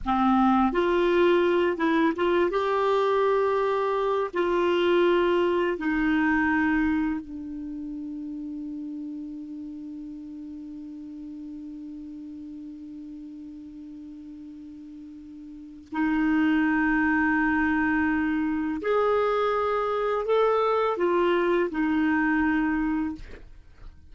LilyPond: \new Staff \with { instrumentName = "clarinet" } { \time 4/4 \tempo 4 = 83 c'4 f'4. e'8 f'8 g'8~ | g'2 f'2 | dis'2 d'2~ | d'1~ |
d'1~ | d'2 dis'2~ | dis'2 gis'2 | a'4 f'4 dis'2 | }